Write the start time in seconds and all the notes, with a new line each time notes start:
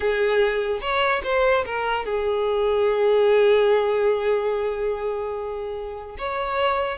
0.00 G#4
0.81 C#5
1.23 C5
1.65 A#4
2.05 G#4
6.18 C#5